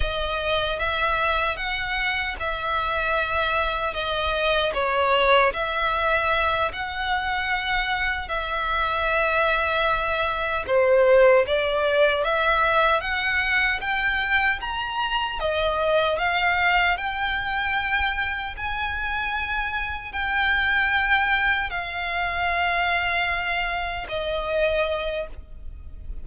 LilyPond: \new Staff \with { instrumentName = "violin" } { \time 4/4 \tempo 4 = 76 dis''4 e''4 fis''4 e''4~ | e''4 dis''4 cis''4 e''4~ | e''8 fis''2 e''4.~ | e''4. c''4 d''4 e''8~ |
e''8 fis''4 g''4 ais''4 dis''8~ | dis''8 f''4 g''2 gis''8~ | gis''4. g''2 f''8~ | f''2~ f''8 dis''4. | }